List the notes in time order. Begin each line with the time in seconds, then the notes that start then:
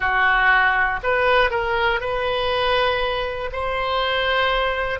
0.00 F#4
1.02 B4
1.50 A#4
2.00 B4
3.52 C5